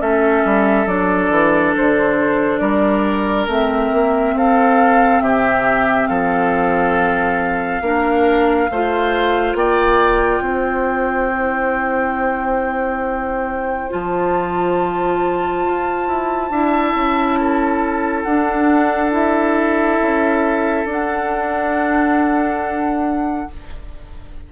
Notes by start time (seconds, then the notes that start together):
0.00 A3 C#4 A4 E5
0.45 G3
0.87 F#3 D4 D5
1.30 E3
1.77 D3 C5
2.59 G3 A#4 D5
3.47 A3 C4 E5
3.93 A#3
4.35 C4 A4 F5
5.21 C3 G4 E5
6.07 F3 A4 F5
7.82 A#3 D4 A#4
8.71 A3 F4 C5
9.55 A#3 D5 G5
10.41 C4 C5
11.32 E4
13.91 F3 F4 A5
15.66 F4
16.09 E4
16.51 D4 E4 E5
16.95 C#4
17.41 A4
18.23 D4 F#5
19.12 E4 E5
20.02 C#4
20.86 D4
20.92 F#5